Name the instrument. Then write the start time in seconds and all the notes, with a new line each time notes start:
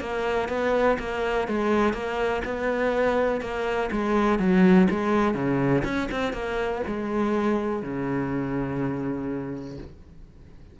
cello
0.00 A#3
0.49 B3
0.99 A#3
1.48 G#3
1.93 A#3
2.45 B3
3.41 A#3
3.91 G#3
4.39 F#3
4.90 G#3
5.34 C#3
5.84 C#4
6.11 C4
6.33 A#3
6.87 G#3
7.82 C#3